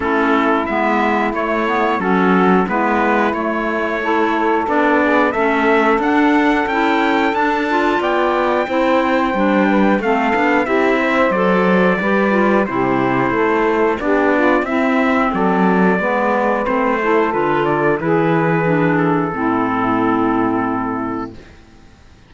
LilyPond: <<
  \new Staff \with { instrumentName = "trumpet" } { \time 4/4 \tempo 4 = 90 a'4 e''4 cis''4 a'4 | b'4 cis''2 d''4 | e''4 fis''4 g''4 a''4 | g''2. f''4 |
e''4 d''2 c''4~ | c''4 d''4 e''4 d''4~ | d''4 c''4 b'8 d''8 b'4~ | b'8 a'2.~ a'8 | }
  \new Staff \with { instrumentName = "saxophone" } { \time 4/4 e'2. fis'4 | e'2 a'4. gis'8 | a'1 | d''4 c''4. b'8 a'4 |
g'8 c''4. b'4 g'4 | a'4 g'8 f'8 e'4 a'4 | b'4. a'4. gis'4~ | gis'4 e'2. | }
  \new Staff \with { instrumentName = "clarinet" } { \time 4/4 cis'4 b4 a8 b8 cis'4 | b4 a4 e'4 d'4 | cis'4 d'4 e'4 d'8 f'8~ | f'4 e'4 d'4 c'8 d'8 |
e'4 a'4 g'8 f'8 e'4~ | e'4 d'4 c'2 | b4 c'8 e'8 f'4 e'4 | d'4 c'2. | }
  \new Staff \with { instrumentName = "cello" } { \time 4/4 a4 gis4 a4 fis4 | gis4 a2 b4 | a4 d'4 cis'4 d'4 | b4 c'4 g4 a8 b8 |
c'4 fis4 g4 c4 | a4 b4 c'4 fis4 | gis4 a4 d4 e4~ | e4 a,2. | }
>>